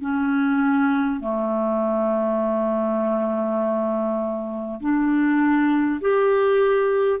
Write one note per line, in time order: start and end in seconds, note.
0.00 1.19 C#4
1.19 4.79 A3
4.80 6.00 D4
6.01 7.20 G4